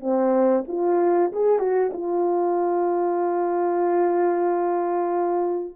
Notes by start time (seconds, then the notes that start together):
0.00 C4
0.68 F4
1.32 G#4
1.59 F#4
1.93 F4